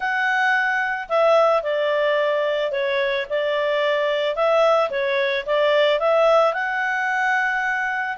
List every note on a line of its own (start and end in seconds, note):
0.00 1.08 F#5
1.08 1.62 E5
1.62 2.71 D5
2.71 3.26 C#5
3.29 4.35 D5
4.35 4.90 E5
4.90 5.45 C#5
5.45 5.99 D5
5.99 6.53 E5
6.53 8.17 F#5